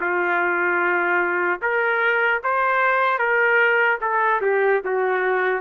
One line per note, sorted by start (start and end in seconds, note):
0.00 1.60 F4
1.61 2.41 A#4
2.43 3.19 C5
3.19 3.99 A#4
4.01 4.41 A4
4.41 4.81 G4
4.84 5.60 F#4